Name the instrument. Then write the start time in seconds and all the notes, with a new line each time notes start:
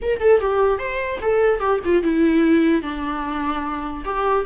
viola
0.02 A#4
0.20 A4
0.40 G4
0.78 C5
1.21 A4
1.59 G4
1.84 F4
2.03 E4
2.82 D4
4.04 G4